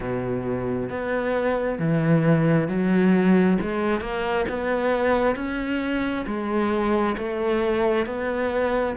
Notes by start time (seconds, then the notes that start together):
0.00 B2
0.90 B3
1.78 E3
2.68 F#3
3.61 G#3
4.01 A#3
4.49 B3
5.35 C#4
6.26 G#3
7.17 A3
8.06 B3